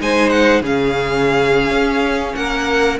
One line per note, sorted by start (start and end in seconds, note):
0.00 0.61 G#3
0.00 0.63 D#4
0.00 0.62 C5
0.00 0.29 G#5
0.29 0.61 F#5
0.61 1.70 C#3
0.61 2.99 C#4
0.61 2.36 G#4
0.61 2.35 F5
1.70 2.33 C#4
2.35 2.99 A#3
2.35 2.99 A#4
2.35 2.98 F#5